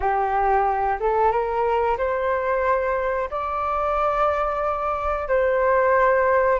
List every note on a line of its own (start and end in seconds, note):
0.00 0.99 G4
1.00 1.31 A4
1.31 1.97 A#4
1.98 3.29 C5
3.30 5.28 D5
5.28 6.59 C5